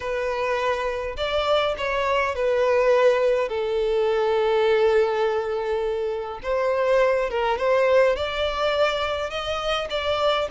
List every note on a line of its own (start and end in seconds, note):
0.00 1.16 B4
1.17 1.75 D5
1.77 2.35 C#5
2.35 3.48 B4
3.48 6.40 A4
6.43 7.30 C5
7.30 7.58 A#4
7.58 8.16 C5
8.16 9.29 D5
9.29 9.88 D#5
9.89 10.48 D5